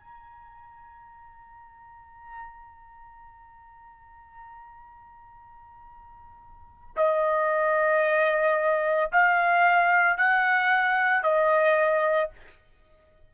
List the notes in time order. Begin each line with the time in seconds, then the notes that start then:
0.00 A#5
6.96 D#5
9.12 F5
10.17 F#5
11.23 D#5